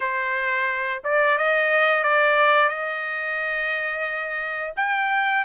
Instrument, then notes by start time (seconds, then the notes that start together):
trumpet
0.00 C5
1.04 D5
1.38 D#5
2.03 D5
2.68 D#5
4.76 G5